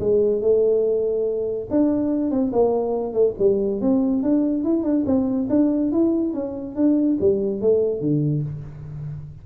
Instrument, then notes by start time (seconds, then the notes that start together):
tuba
0.00 G#3
0.41 A3
1.70 D4
2.31 C4
2.53 A#3
3.13 A3
3.39 G3
3.81 C4
4.23 D4
4.64 E4
4.83 D4
5.06 C4
5.50 D4
5.92 E4
6.34 C#4
6.76 D4
7.21 G3
7.61 A3
8.01 D3